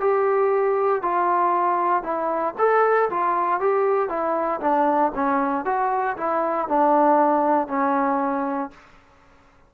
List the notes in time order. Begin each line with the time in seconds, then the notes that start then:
0.00 G4
1.02 F4
2.03 E4
2.58 A4
3.10 F4
3.60 G4
4.09 E4
4.61 D4
5.15 C#4
5.65 F#4
6.17 E4
6.68 D4
7.68 C#4